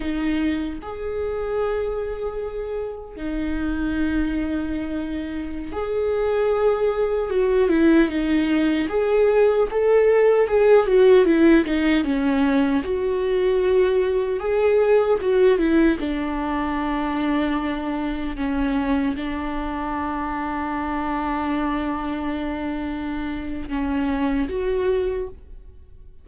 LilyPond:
\new Staff \with { instrumentName = "viola" } { \time 4/4 \tempo 4 = 76 dis'4 gis'2. | dis'2.~ dis'16 gis'8.~ | gis'4~ gis'16 fis'8 e'8 dis'4 gis'8.~ | gis'16 a'4 gis'8 fis'8 e'8 dis'8 cis'8.~ |
cis'16 fis'2 gis'4 fis'8 e'16~ | e'16 d'2. cis'8.~ | cis'16 d'2.~ d'8.~ | d'2 cis'4 fis'4 | }